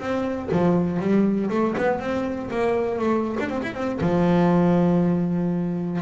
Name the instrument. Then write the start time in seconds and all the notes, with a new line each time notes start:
double bass
0.00 C4
0.52 F3
1.00 G3
1.50 A3
1.78 B3
2.00 C4
2.51 A#3
2.99 A3
3.40 D4
3.50 C4
3.62 E4
3.75 C4
4.01 F3